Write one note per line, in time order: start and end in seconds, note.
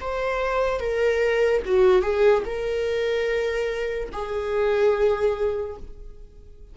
0.00 0.80 C5
0.80 1.62 A#4
1.65 2.02 F#4
2.02 2.43 G#4
2.45 4.09 A#4
4.12 5.76 G#4